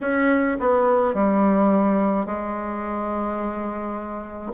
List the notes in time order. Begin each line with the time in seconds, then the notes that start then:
0.01 C#4
0.60 B3
1.14 G3
2.25 G#3